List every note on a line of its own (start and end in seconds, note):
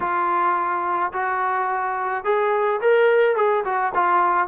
0.00 1.12 F4
1.12 2.24 F#4
2.24 2.80 G#4
2.81 3.36 A#4
3.36 3.64 G#4
3.64 3.92 F#4
3.94 4.47 F4